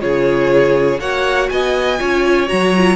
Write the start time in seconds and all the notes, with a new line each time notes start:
0.00 C#3 F4 G#4 C#5
0.99 A#3 F#4 C#5 F#5
1.49 B3 D#5 G#5
1.98 C#4 F4 C#5
2.47 F#3 F#4 A#5
2.76 F4